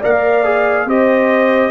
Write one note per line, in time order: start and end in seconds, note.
0.00 0.85 A#3
0.00 0.44 A#4
0.00 0.86 D5
0.00 0.89 F5
0.44 0.87 G#4
0.85 1.71 C4
0.85 1.71 G4
0.85 1.71 C5
0.85 1.71 D#5